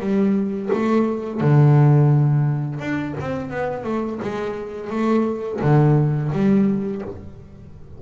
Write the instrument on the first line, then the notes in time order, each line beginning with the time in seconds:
double bass
0.00 G3
0.73 A3
1.40 D3
2.79 D4
3.20 C4
3.51 B3
3.84 A3
4.22 G#3
4.90 A3
5.61 D3
6.32 G3